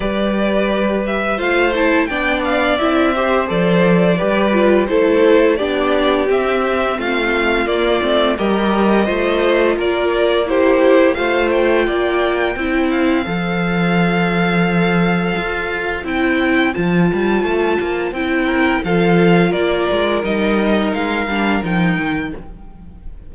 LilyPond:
<<
  \new Staff \with { instrumentName = "violin" } { \time 4/4 \tempo 4 = 86 d''4. e''8 f''8 a''8 g''8 f''8 | e''4 d''2 c''4 | d''4 e''4 f''4 d''4 | dis''2 d''4 c''4 |
f''8 g''2 f''4.~ | f''2. g''4 | a''2 g''4 f''4 | d''4 dis''4 f''4 g''4 | }
  \new Staff \with { instrumentName = "violin" } { \time 4/4 b'2 c''4 d''4~ | d''8 c''4. b'4 a'4 | g'2 f'2 | ais'4 c''4 ais'4 g'4 |
c''4 d''4 c''2~ | c''1~ | c''2~ c''8 ais'8 a'4 | ais'1 | }
  \new Staff \with { instrumentName = "viola" } { \time 4/4 g'2 f'8 e'8 d'4 | e'8 g'8 a'4 g'8 f'8 e'4 | d'4 c'2 ais8 c'8 | g'4 f'2 e'4 |
f'2 e'4 a'4~ | a'2. e'4 | f'2 e'4 f'4~ | f'4 dis'4. d'8 dis'4 | }
  \new Staff \with { instrumentName = "cello" } { \time 4/4 g2 a4 b4 | c'4 f4 g4 a4 | b4 c'4 a4 ais8 a8 | g4 a4 ais2 |
a4 ais4 c'4 f4~ | f2 f'4 c'4 | f8 g8 a8 ais8 c'4 f4 | ais8 gis8 g4 gis8 g8 f8 dis8 | }
>>